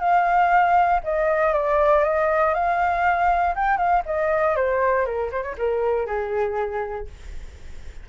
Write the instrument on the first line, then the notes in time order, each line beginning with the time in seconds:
flute
0.00 F5
1.04 D#5
1.54 D5
2.04 D#5
2.54 F5
3.55 G5
3.77 F5
4.06 D#5
4.57 C5
5.06 A#4
5.32 C5
5.43 C#5
5.58 A#4
6.07 G#4